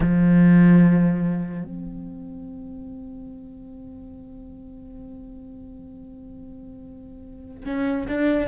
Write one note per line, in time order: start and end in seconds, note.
0.00 1.64 F3
1.64 7.64 C4
7.65 8.07 C#4
8.07 8.47 D4